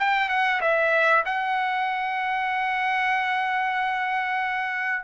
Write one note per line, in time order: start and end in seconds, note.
0.00 0.30 G5
0.30 0.61 F#5
0.61 1.25 E5
1.26 5.04 F#5